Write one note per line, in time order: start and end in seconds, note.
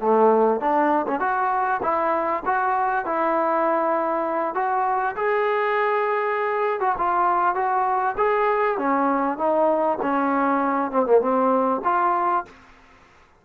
0.00 0.60 A3
0.60 1.06 D4
1.07 1.20 C#4
1.20 1.80 F#4
1.82 2.43 E4
2.45 3.05 F#4
3.05 4.55 E4
4.55 5.15 F#4
5.15 6.80 G#4
6.80 6.95 F#4
6.98 7.55 F4
7.55 8.15 F#4
8.17 8.77 G#4
8.77 9.37 C#4
9.37 9.98 D#4
10.02 10.91 C#4
10.91 11.06 C4
11.06 11.20 A#3
11.20 11.81 C4
11.84 12.45 F4